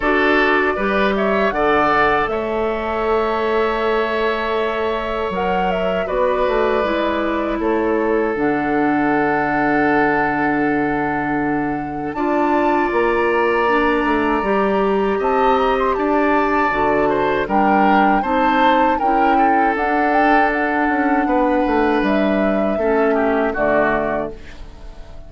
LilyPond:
<<
  \new Staff \with { instrumentName = "flute" } { \time 4/4 \tempo 4 = 79 d''4. e''8 fis''4 e''4~ | e''2. fis''8 e''8 | d''2 cis''4 fis''4~ | fis''1 |
a''4 ais''2. | a''8 ais''16 c'''16 a''2 g''4 | a''4 g''4 fis''8 g''8 fis''4~ | fis''4 e''2 d''4 | }
  \new Staff \with { instrumentName = "oboe" } { \time 4/4 a'4 b'8 cis''8 d''4 cis''4~ | cis''1 | b'2 a'2~ | a'1 |
d''1 | dis''4 d''4. c''8 ais'4 | c''4 ais'8 a'2~ a'8 | b'2 a'8 g'8 fis'4 | }
  \new Staff \with { instrumentName = "clarinet" } { \time 4/4 fis'4 g'4 a'2~ | a'2. ais'4 | fis'4 e'2 d'4~ | d'1 |
f'2 d'4 g'4~ | g'2 fis'4 d'4 | dis'4 e'4 d'2~ | d'2 cis'4 a4 | }
  \new Staff \with { instrumentName = "bassoon" } { \time 4/4 d'4 g4 d4 a4~ | a2. fis4 | b8 a8 gis4 a4 d4~ | d1 |
d'4 ais4. a8 g4 | c'4 d'4 d4 g4 | c'4 cis'4 d'4. cis'8 | b8 a8 g4 a4 d4 | }
>>